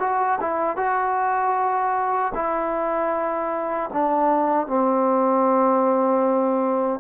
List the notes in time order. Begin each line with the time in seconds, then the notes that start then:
0.00 F#4
0.40 E4
0.77 F#4
2.34 E4
3.93 D4
4.67 C4